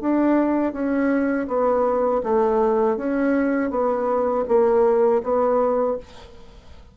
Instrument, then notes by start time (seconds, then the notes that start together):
bassoon
0.00 D4
0.72 C#4
1.47 B3
2.23 A3
2.97 C#4
3.70 B3
4.48 A#3
5.23 B3